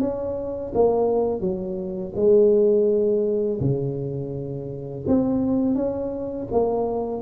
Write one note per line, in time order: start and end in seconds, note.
0.00 0.72 C#4
0.74 1.40 A#3
1.40 2.13 F#3
2.16 3.60 G#3
3.60 5.05 C#3
5.07 5.75 C4
5.75 6.47 C#4
6.51 7.22 A#3